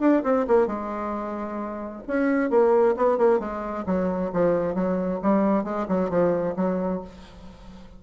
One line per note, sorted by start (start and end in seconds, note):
0.00 0.23 D4
0.24 0.46 C4
0.47 0.67 A#3
0.67 2.02 G#3
2.08 2.50 C#4
2.50 2.95 A#3
2.97 3.18 B3
3.18 3.40 A#3
3.40 3.85 G#3
3.86 4.31 F#3
4.33 4.75 F3
4.75 5.20 F#3
5.22 5.64 G3
5.64 5.87 G#3
5.88 6.10 F#3
6.10 6.55 F3
6.56 7.01 F#3